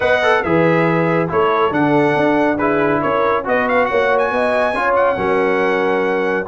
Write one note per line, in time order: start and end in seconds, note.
0.00 0.44 B3
0.00 0.22 B4
0.00 0.43 D#5
0.00 0.43 F#5
0.23 0.44 A4
0.43 1.30 E3
0.43 1.28 G#4
0.43 1.31 B4
0.43 1.29 E5
1.28 1.71 A3
1.28 1.71 E4
1.28 2.57 A4
1.28 1.73 C#5
1.71 2.15 D3
1.71 2.57 D4
1.71 2.58 F#5
2.17 3.03 D4
2.57 3.44 E4
2.57 3.00 G#4
2.57 3.01 B4
3.01 3.46 C#4
3.01 3.45 A#4
3.01 3.45 C#5
3.44 3.90 B3
3.44 4.73 F#4
3.44 3.88 B4
3.44 3.68 D#5
3.68 3.85 F5
3.85 4.30 A#3
3.85 4.31 C#5
3.85 4.18 F#5
4.18 4.93 G#5
4.30 4.73 B3
4.30 4.74 D#5
4.73 5.16 C#4
4.73 5.16 F4
4.73 5.18 C#5
4.95 6.46 F#5
5.16 6.46 F#3
5.16 6.45 C#4
5.16 6.47 A#4